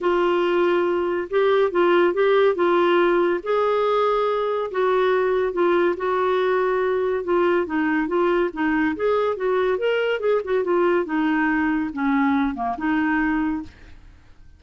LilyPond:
\new Staff \with { instrumentName = "clarinet" } { \time 4/4 \tempo 4 = 141 f'2. g'4 | f'4 g'4 f'2 | gis'2. fis'4~ | fis'4 f'4 fis'2~ |
fis'4 f'4 dis'4 f'4 | dis'4 gis'4 fis'4 ais'4 | gis'8 fis'8 f'4 dis'2 | cis'4. ais8 dis'2 | }